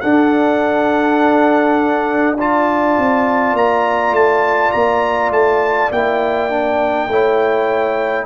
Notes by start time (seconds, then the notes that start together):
0.00 D4 A4 F#5
2.36 F4 D5 A5
2.97 C4
3.53 A#3 A#5
4.11 A3 A5
4.71 A#3 A#5
5.30 A3 A5
5.91 A#3 E4 G5
6.50 D4
7.07 A3 E4 C#5